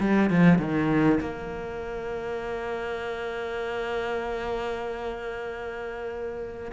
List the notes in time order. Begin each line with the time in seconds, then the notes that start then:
0.00 G3
0.30 F3
0.58 D#3
1.21 A#3